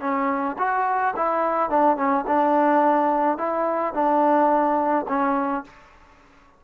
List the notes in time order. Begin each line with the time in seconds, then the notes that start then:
0.00 C#4
0.58 F#4
1.16 E4
1.70 D4
1.97 C#4
2.27 D4
3.37 E4
3.94 D4
5.08 C#4